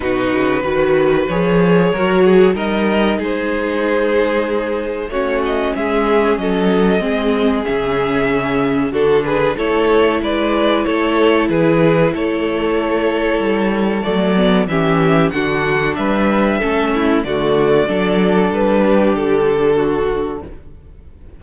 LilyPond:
<<
  \new Staff \with { instrumentName = "violin" } { \time 4/4 \tempo 4 = 94 b'2 cis''2 | dis''4 c''2. | cis''8 dis''8 e''4 dis''2 | e''2 a'8 b'8 cis''4 |
d''4 cis''4 b'4 cis''4~ | cis''2 d''4 e''4 | fis''4 e''2 d''4~ | d''4 b'4 a'2 | }
  \new Staff \with { instrumentName = "violin" } { \time 4/4 fis'4 b'2 ais'8 gis'8 | ais'4 gis'2. | fis'4 gis'4 a'4 gis'4~ | gis'2 fis'8 gis'8 a'4 |
b'4 a'4 gis'4 a'4~ | a'2. g'4 | fis'4 b'4 a'8 e'8 fis'4 | a'4. g'4. fis'4 | }
  \new Staff \with { instrumentName = "viola" } { \time 4/4 dis'4 fis'4 gis'4 fis'4 | dis'1 | cis'2. c'4 | cis'2 d'4 e'4~ |
e'1~ | e'2 a8 b8 cis'4 | d'2 cis'4 a4 | d'1 | }
  \new Staff \with { instrumentName = "cello" } { \time 4/4 b,8 cis8 dis4 f4 fis4 | g4 gis2. | a4 gis4 fis4 gis4 | cis2 d4 a4 |
gis4 a4 e4 a4~ | a4 g4 fis4 e4 | d4 g4 a4 d4 | fis4 g4 d2 | }
>>